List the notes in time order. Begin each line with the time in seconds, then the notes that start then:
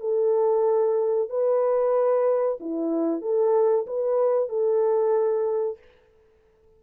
0.00 A4
1.29 B4
2.60 E4
3.21 A4
3.86 B4
4.49 A4